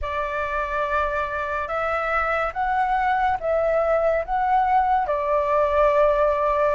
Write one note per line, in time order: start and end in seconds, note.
0.01 1.67 D5
1.67 2.52 E5
2.53 3.37 F#5
3.40 4.24 E5
4.25 5.07 F#5
5.07 6.75 D5